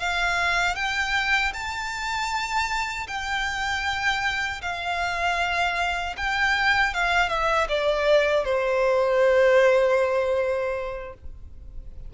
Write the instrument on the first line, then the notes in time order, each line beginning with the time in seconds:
violin
0.00 F5
0.76 G5
1.54 A5
3.08 G5
4.62 F5
6.17 G5
6.94 F5
7.29 E5
7.69 D5
8.45 C5